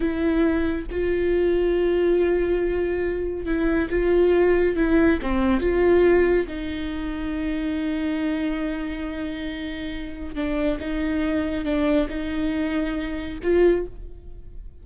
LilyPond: \new Staff \with { instrumentName = "viola" } { \time 4/4 \tempo 4 = 139 e'2 f'2~ | f'1 | e'4 f'2 e'4 | c'4 f'2 dis'4~ |
dis'1~ | dis'1 | d'4 dis'2 d'4 | dis'2. f'4 | }